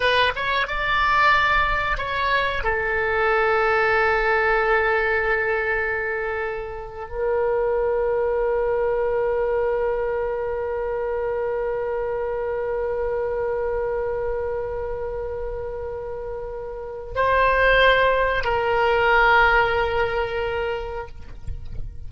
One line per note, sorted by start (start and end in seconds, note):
0.00 0.32 B4
0.35 0.67 C#5
0.67 1.98 D5
1.98 2.63 C#5
2.63 7.08 A4
7.08 17.14 A#4
17.15 18.44 C5
18.44 21.07 A#4